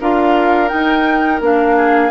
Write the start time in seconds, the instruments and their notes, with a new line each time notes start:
0.00 bassoon D4, clarinet F4, oboe A#4, flute F5
0.68 clarinet D#4, bassoon D#4, flute G5
1.40 bassoon A#3, clarinet D4, flute F5
1.76 oboe G#4